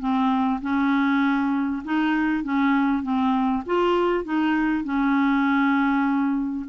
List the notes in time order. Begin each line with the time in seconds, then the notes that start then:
0.00 C4
0.62 C#4
1.85 D#4
2.44 C#4
3.03 C4
3.67 F4
4.25 D#4
4.85 C#4